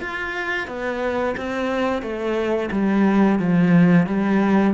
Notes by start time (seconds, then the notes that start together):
0.00 F4
0.67 B3
1.37 C4
2.02 A3
2.71 G3
3.39 F3
4.06 G3